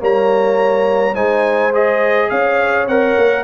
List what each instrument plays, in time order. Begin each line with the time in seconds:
0.00 tuba G3, trombone A#3, horn C#5, trumpet A#5
1.15 tuba G#3, trombone D#4, horn C5, trumpet G#5
1.73 trombone G#4, trumpet D#5
2.30 tuba C#4, horn C#5, trumpet F5
2.88 tuba C4, trombone A#4, trumpet F#5
3.17 tuba A#3